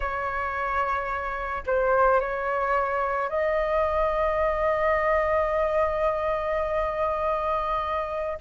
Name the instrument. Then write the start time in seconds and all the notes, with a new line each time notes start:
flute
0.00 C#5
1.66 C5
2.20 C#5
3.29 D#5